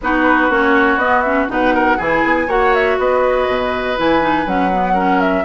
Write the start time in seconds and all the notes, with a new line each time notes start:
0.01 B3 D#4 F#4 B4
0.49 A#3 C#4 C#5
0.96 B3 D#5
1.21 C#4 E5
1.48 B2 D#4 B4 F#5
1.74 A#4
1.97 E3 E4 G#4 G#5
2.24 B3
2.47 A#3 F#4 C#5 F#5
2.74 E5
2.98 B3 B4 D#5
3.48 B2
3.96 E3 E4 G#5
4.20 D#4
4.46 F#3 C#4 F#5
4.72 B3
4.93 C#4 A#4
5.21 E5